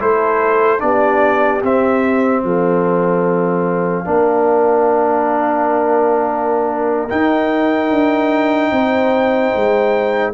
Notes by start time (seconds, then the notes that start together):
0.00 A3 E4 A4 C5
0.79 B3 D4 G4 D5
1.63 C4 E5
2.43 F3 A4 F5
4.05 A#3 D4 A#4
7.09 D#4 G5
7.90 D4
8.72 C4 C5
9.56 G#3